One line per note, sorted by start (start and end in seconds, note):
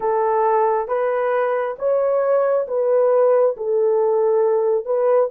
0.00 0.87 A4
0.87 1.76 B4
1.78 2.67 C#5
2.67 3.55 B4
3.56 4.85 A4
4.85 5.29 B4